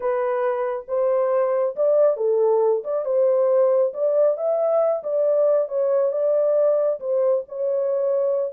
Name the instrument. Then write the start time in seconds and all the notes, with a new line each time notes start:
horn
0.00 B4
0.88 C5
1.76 D5
2.17 A4
2.84 D5
3.05 C5
3.93 D5
4.37 E5
5.03 D5
5.68 C#5
6.12 D5
7.00 C5
7.48 C#5